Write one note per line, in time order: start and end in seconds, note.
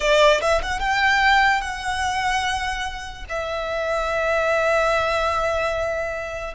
0.00 0.40 D5
0.41 0.61 E5
0.62 0.79 F#5
0.79 1.61 G5
1.61 3.24 F#5
3.29 6.54 E5